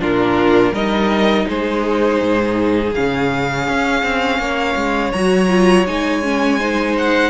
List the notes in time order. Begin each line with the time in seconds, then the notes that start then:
0.00 A#2 D4 F4 A#4
0.72 G3 D#4 A#4 D#5
1.49 G#3 G#4 C5
2.22 G#2
2.94 C#3 C#4 F5
3.69 C#4
4.03 C4
4.39 A#3 C#5
4.76 G#3
5.13 F#3 F#4 A#5
5.49 F4
5.87 G#3 D#4 G#5
6.23 C#4
6.59 D#4 C5
6.98 F#5